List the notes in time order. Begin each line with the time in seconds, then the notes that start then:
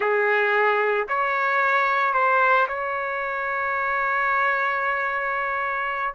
0.00 G#4
1.08 C#5
2.13 C5
2.68 C#5